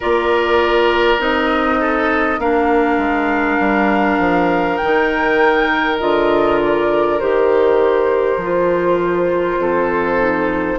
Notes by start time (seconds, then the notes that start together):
0.00 A#3 F4 A#4 D5
1.18 C4 D#4 D#5
1.80 A4
2.38 A#3 D4 A#4 F5
2.97 G#3
3.59 G3
4.18 F3
4.76 D#4 G5
4.83 D#3
5.99 D3 F4 D#5
6.61 D5
7.19 D#3 G4 C5
8.37 F3 F4
9.58 F2 A4
10.18 D#4